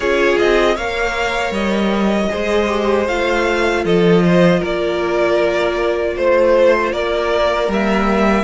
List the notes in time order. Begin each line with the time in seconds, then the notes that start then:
0.00 C#4 F4 G#4 C#5
0.38 C4 D#5
0.74 A#3 A#4 C#5 F5
1.50 G3 D#5
2.30 G#3 G#4 C5
2.68 G4
3.07 A3 F4 F5
3.84 F3 A4 D#5
4.25 C5
4.60 A#3 A#4 D5
6.15 A3 C5
6.92 A#3 A#4 D5
7.68 G3 A#3 E5